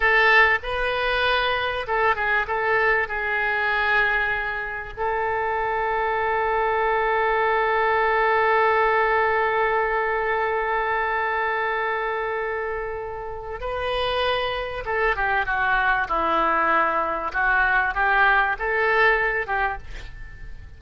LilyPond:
\new Staff \with { instrumentName = "oboe" } { \time 4/4 \tempo 4 = 97 a'4 b'2 a'8 gis'8 | a'4 gis'2. | a'1~ | a'1~ |
a'1~ | a'2 b'2 | a'8 g'8 fis'4 e'2 | fis'4 g'4 a'4. g'8 | }